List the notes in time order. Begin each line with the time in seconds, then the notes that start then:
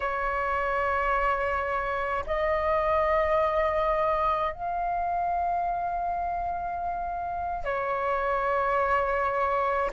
0.00 C#5
2.26 D#5
4.53 F5
7.64 C#5